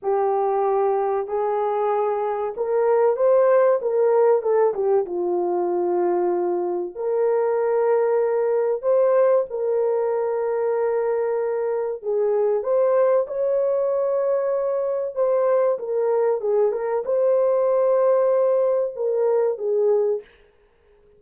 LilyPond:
\new Staff \with { instrumentName = "horn" } { \time 4/4 \tempo 4 = 95 g'2 gis'2 | ais'4 c''4 ais'4 a'8 g'8 | f'2. ais'4~ | ais'2 c''4 ais'4~ |
ais'2. gis'4 | c''4 cis''2. | c''4 ais'4 gis'8 ais'8 c''4~ | c''2 ais'4 gis'4 | }